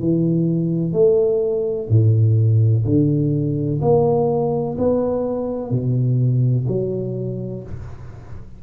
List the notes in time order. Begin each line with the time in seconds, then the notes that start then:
0.00 E3
0.93 A3
1.90 A2
2.85 D3
3.81 A#3
4.78 B3
5.71 B2
6.68 F#3